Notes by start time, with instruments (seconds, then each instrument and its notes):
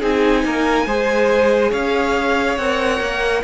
0.00 cello C4, viola D#4, violin G#4 G#5
0.45 cello A#3, violin A#4
0.87 cello G#3, viola G#4, violin C5
1.71 cello C#4, violin C#5 F5
2.58 cello C4, viola A#4, violin F#5
3.01 cello A#3